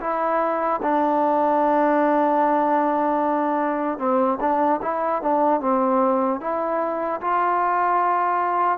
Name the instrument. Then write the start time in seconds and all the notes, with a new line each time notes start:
trombone
0.00 E4
0.82 D4
3.98 C4
4.40 D4
4.81 E4
5.22 D4
5.60 C4
6.40 E4
7.20 F4